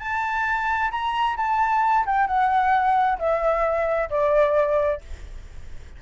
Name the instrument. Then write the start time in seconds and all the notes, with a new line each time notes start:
flute
0.00 A5
0.91 A#5
1.37 A5
2.06 G5
2.28 F#5
3.19 E5
4.11 D5